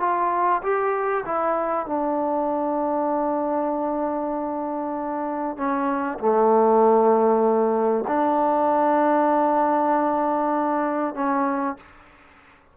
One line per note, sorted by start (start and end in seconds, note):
0.00 0.62 F4
0.63 1.25 G4
1.26 1.86 E4
1.86 5.57 D4
5.57 6.19 C#4
6.19 8.05 A3
8.08 11.15 D4
11.15 11.77 C#4